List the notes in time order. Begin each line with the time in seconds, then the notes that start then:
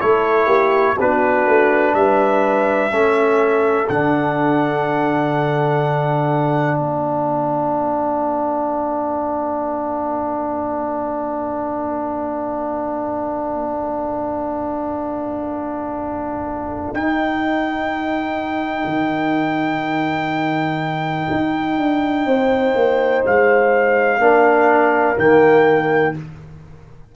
0.00 A3 E4 A4 C#5
0.46 A#3 G4
0.99 B3 D4 F#4 B4
1.47 A3
1.94 G3 B4 E5
2.91 A3 C#4 A4
3.89 D3 D4 F#5
6.76 A#3 A#4 F5
16.93 D#4 G5
18.85 D#3
21.31 D#4
21.78 D4
22.26 C4 C5
22.75 A#3
23.26 G#3 F5
24.19 A#3 D4 A#4
25.18 D#3 A#3 G5